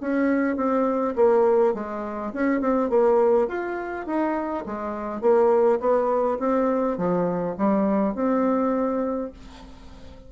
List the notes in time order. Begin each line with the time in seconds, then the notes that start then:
0.00 C#4
0.56 C4
1.15 A#3
1.74 G#3
2.33 C#4
2.61 C4
2.89 A#3
3.48 F4
4.06 D#4
4.66 G#3
5.21 A#3
5.80 B3
6.39 C4
6.97 F3
7.57 G3
8.15 C4